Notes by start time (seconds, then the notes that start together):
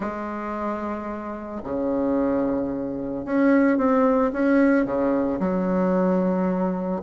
0.00 G#3
1.63 C#3
3.25 C#4
3.77 C4
4.32 C#4
4.85 C#3
5.39 F#3